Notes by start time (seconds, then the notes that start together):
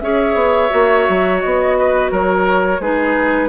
0.00 C#4 G#4 C#5 E5
0.35 B3
0.70 A#3 F#4
1.09 F#3
1.40 B3 D#5
1.78 B4
2.11 F#3 A#4 C#5
2.80 G#3 D#4 G#4 B4